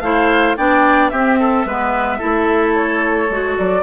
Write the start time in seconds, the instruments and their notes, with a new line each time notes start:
0.00 bassoon A3, clarinet E4, oboe C5, flute F5
0.57 bassoon B3, clarinet D4, oboe D5, flute G5
1.09 bassoon C4, clarinet C4, oboe G4, flute E5
1.39 oboe A4
1.65 bassoon G#3, clarinet B3, oboe B4
2.18 bassoon A3, clarinet E4, oboe A4
2.74 flute C#5
3.30 bassoon G#3, clarinet F#4
3.58 bassoon F#3, flute D5